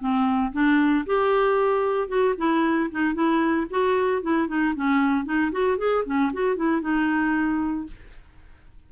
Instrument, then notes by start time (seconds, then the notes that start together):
clarinet
0.00 C4
0.53 D4
1.06 G4
2.09 F#4
2.38 E4
2.91 D#4
3.14 E4
3.71 F#4
4.22 E4
4.48 D#4
4.76 C#4
5.25 D#4
5.52 F#4
5.78 G#4
6.06 C#4
6.33 F#4
6.57 E4
6.82 D#4